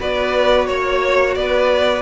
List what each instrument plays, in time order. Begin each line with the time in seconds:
0.00 cello B3, viola F#4, violin B4 D5
0.67 cello A#3, violin C#5
1.35 cello B3, violin B4 D5